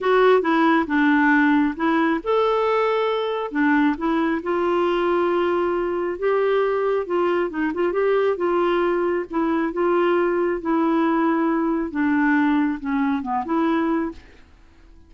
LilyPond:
\new Staff \with { instrumentName = "clarinet" } { \time 4/4 \tempo 4 = 136 fis'4 e'4 d'2 | e'4 a'2. | d'4 e'4 f'2~ | f'2 g'2 |
f'4 dis'8 f'8 g'4 f'4~ | f'4 e'4 f'2 | e'2. d'4~ | d'4 cis'4 b8 e'4. | }